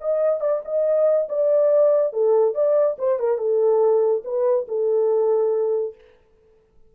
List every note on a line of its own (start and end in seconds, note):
0.00 0.40 D#5
0.40 0.61 D5
0.64 1.28 D#5
1.28 2.12 D5
2.12 2.54 A4
2.54 2.96 D5
2.98 3.19 C5
3.19 3.38 A#4
3.38 4.22 A4
4.24 4.66 B4
4.67 5.94 A4